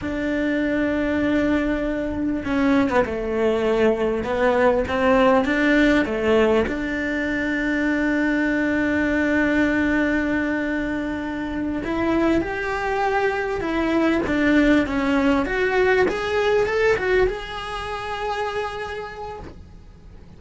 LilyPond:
\new Staff \with { instrumentName = "cello" } { \time 4/4 \tempo 4 = 99 d'1 | cis'8. b16 a2 b4 | c'4 d'4 a4 d'4~ | d'1~ |
d'2.~ d'8 e'8~ | e'8 g'2 e'4 d'8~ | d'8 cis'4 fis'4 gis'4 a'8 | fis'8 gis'2.~ gis'8 | }